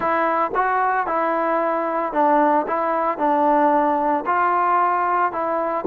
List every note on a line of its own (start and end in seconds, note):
0.00 0.51 E4
0.54 1.06 F#4
1.06 2.12 E4
2.12 2.65 D4
2.67 3.18 E4
3.18 4.24 D4
4.26 5.31 F4
5.31 5.85 E4